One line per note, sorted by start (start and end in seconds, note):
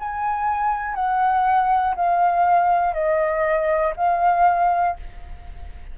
0.00 0.95 G#5
0.95 1.95 F#5
1.96 2.94 F5
2.94 3.94 D#5
3.97 4.97 F5